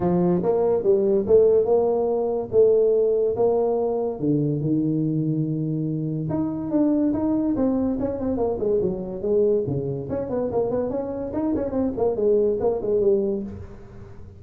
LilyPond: \new Staff \with { instrumentName = "tuba" } { \time 4/4 \tempo 4 = 143 f4 ais4 g4 a4 | ais2 a2 | ais2 d4 dis4~ | dis2. dis'4 |
d'4 dis'4 c'4 cis'8 c'8 | ais8 gis8 fis4 gis4 cis4 | cis'8 b8 ais8 b8 cis'4 dis'8 cis'8 | c'8 ais8 gis4 ais8 gis8 g4 | }